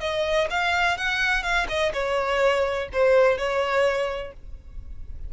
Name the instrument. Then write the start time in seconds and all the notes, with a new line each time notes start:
violin
0.00 D#5
0.50 F5
0.98 F#5
1.43 F5
1.68 D#5
1.93 C#5
2.93 C5
3.38 C#5